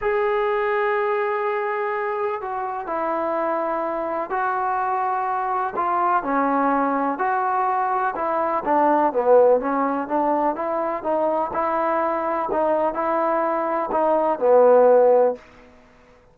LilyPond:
\new Staff \with { instrumentName = "trombone" } { \time 4/4 \tempo 4 = 125 gis'1~ | gis'4 fis'4 e'2~ | e'4 fis'2. | f'4 cis'2 fis'4~ |
fis'4 e'4 d'4 b4 | cis'4 d'4 e'4 dis'4 | e'2 dis'4 e'4~ | e'4 dis'4 b2 | }